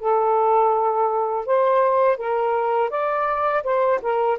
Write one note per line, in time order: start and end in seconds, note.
0.00 1.46 A4
1.46 2.18 C5
2.18 2.90 A#4
2.90 3.64 D5
3.64 4.00 C5
4.02 4.39 A#4